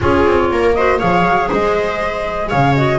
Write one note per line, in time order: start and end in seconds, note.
0.00 0.26 C#4
0.00 0.74 F4
0.00 0.51 G#4
0.00 0.73 C#5
0.26 0.51 C4
0.51 1.01 A#3
0.51 0.77 A#4
0.73 0.98 F#4
0.73 0.99 C5
0.73 0.98 D#5
0.98 1.24 F3
0.98 2.73 G#4
0.98 1.48 C#5
0.98 1.49 F5
1.24 1.49 F#3
1.48 2.51 G#3
1.48 2.48 C5
1.48 2.49 D#5
2.48 2.98 C#3
2.48 2.98 C#5
2.48 2.74 F5
2.74 2.98 F#4
2.74 2.98 D#5